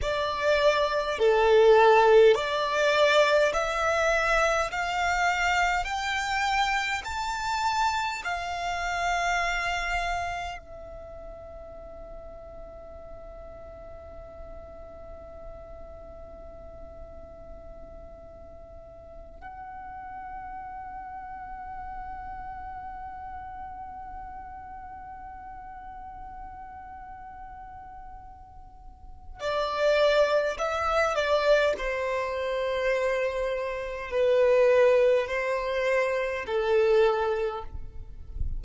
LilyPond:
\new Staff \with { instrumentName = "violin" } { \time 4/4 \tempo 4 = 51 d''4 a'4 d''4 e''4 | f''4 g''4 a''4 f''4~ | f''4 e''2.~ | e''1~ |
e''8 fis''2.~ fis''8~ | fis''1~ | fis''4 d''4 e''8 d''8 c''4~ | c''4 b'4 c''4 a'4 | }